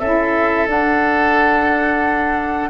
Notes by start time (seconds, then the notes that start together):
0.00 C#4 E4 A4 E5
0.67 D4 F#5